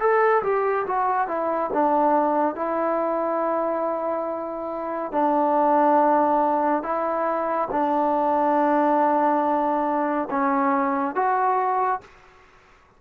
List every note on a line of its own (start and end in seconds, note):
0.00 0.43 A4
0.43 0.86 G4
0.86 1.28 F#4
1.28 1.71 E4
1.73 2.56 D4
2.56 5.12 E4
5.12 6.83 D4
6.83 7.69 E4
7.72 10.29 D4
10.31 11.15 C#4
11.15 12.01 F#4